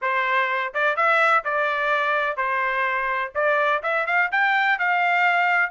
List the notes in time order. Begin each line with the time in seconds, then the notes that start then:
0.01 C5
0.74 D5
0.96 E5
1.44 D5
2.37 C5
3.35 D5
3.82 E5
4.06 F5
4.31 G5
4.78 F5